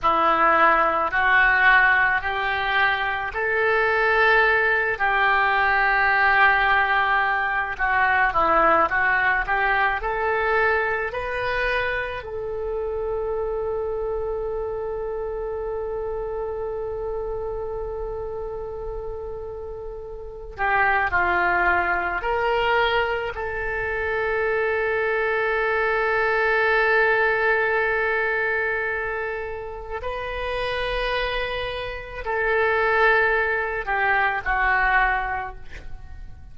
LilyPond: \new Staff \with { instrumentName = "oboe" } { \time 4/4 \tempo 4 = 54 e'4 fis'4 g'4 a'4~ | a'8 g'2~ g'8 fis'8 e'8 | fis'8 g'8 a'4 b'4 a'4~ | a'1~ |
a'2~ a'8 g'8 f'4 | ais'4 a'2.~ | a'2. b'4~ | b'4 a'4. g'8 fis'4 | }